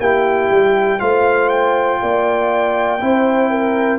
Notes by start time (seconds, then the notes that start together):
0.00 A#3 E4 G4 G5
0.51 G3
1.00 A3 F4 C5 F5
1.49 G5
2.02 A#3 D5
3.01 C4 E4 C5
3.50 A#4